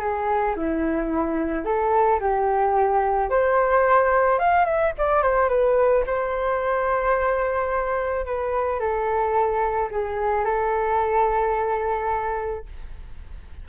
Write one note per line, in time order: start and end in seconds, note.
0.00 0.55 G#4
0.56 1.65 E4
1.65 2.20 A4
2.20 3.30 G4
3.30 4.39 C5
4.39 4.65 F5
4.65 4.92 E5
4.98 5.22 D5
5.22 5.49 C5
5.49 6.04 B4
6.07 8.25 C5
8.25 8.79 B4
8.79 9.90 A4
9.91 10.45 G#4
10.45 12.65 A4